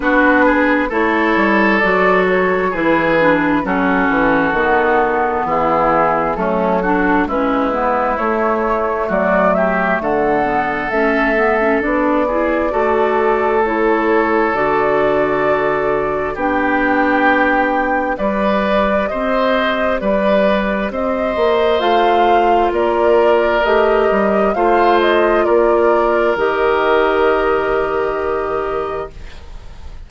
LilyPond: <<
  \new Staff \with { instrumentName = "flute" } { \time 4/4 \tempo 4 = 66 b'4 cis''4 d''8 cis''8 b'4 | a'2 gis'4 a'4 | b'4 cis''4 d''8 e''8 fis''4 | e''4 d''2 cis''4 |
d''2 g''2 | d''4 dis''4 d''4 dis''4 | f''4 d''4 dis''4 f''8 dis''8 | d''4 dis''2. | }
  \new Staff \with { instrumentName = "oboe" } { \time 4/4 fis'8 gis'8 a'2 gis'4 | fis'2 e'4 cis'8 fis'8 | e'2 fis'8 g'8 a'4~ | a'4. gis'8 a'2~ |
a'2 g'2 | b'4 c''4 b'4 c''4~ | c''4 ais'2 c''4 | ais'1 | }
  \new Staff \with { instrumentName = "clarinet" } { \time 4/4 d'4 e'4 fis'4 e'8 d'8 | cis'4 b2 a8 d'8 | cis'8 b8 a2~ a8 b8 | cis'8 b16 cis'16 d'8 e'8 fis'4 e'4 |
fis'2 d'2 | g'1 | f'2 g'4 f'4~ | f'4 g'2. | }
  \new Staff \with { instrumentName = "bassoon" } { \time 4/4 b4 a8 g8 fis4 e4 | fis8 e8 dis4 e4 fis4 | gis4 a4 fis4 d4 | a4 b4 a2 |
d2 b2 | g4 c'4 g4 c'8 ais8 | a4 ais4 a8 g8 a4 | ais4 dis2. | }
>>